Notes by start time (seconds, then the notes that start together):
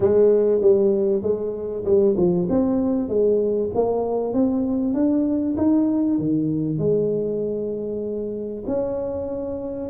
0.00 G#3
0.61 G3
1.22 G#3
1.84 G3
2.16 F3
2.49 C4
3.08 G#3
3.74 A#3
4.33 C4
4.93 D4
5.57 D#4
6.18 D#3
6.78 G#3
8.66 C#4